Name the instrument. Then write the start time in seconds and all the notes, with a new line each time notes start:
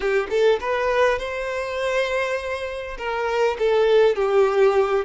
violin
0.00 G4
0.30 A4
0.60 B4
1.19 C5
2.97 A#4
3.58 A4
4.15 G4